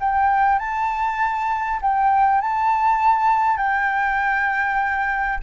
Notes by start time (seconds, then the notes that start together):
0.00 G5
0.59 A5
1.82 G5
2.41 A5
3.57 G5